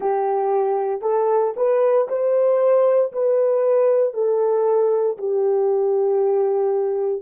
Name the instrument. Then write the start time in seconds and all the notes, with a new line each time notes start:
horn
0.00 G4
1.01 A4
1.56 B4
2.08 C5
3.12 B4
4.13 A4
5.17 G4